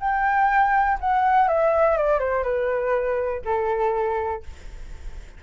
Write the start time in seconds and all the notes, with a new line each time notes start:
0.00 G5
1.00 F#5
1.48 E5
1.97 D5
2.19 C5
2.43 B4
3.44 A4